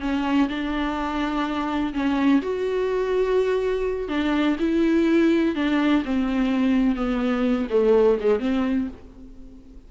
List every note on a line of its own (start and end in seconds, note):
0.00 0.48 C#4
0.49 1.93 D4
1.93 2.41 C#4
2.42 4.08 F#4
4.08 4.56 D4
4.59 5.55 E4
5.55 6.03 D4
6.05 6.95 C4
6.95 7.67 B3
7.70 8.18 A3
8.20 8.39 G#3
8.39 8.87 C4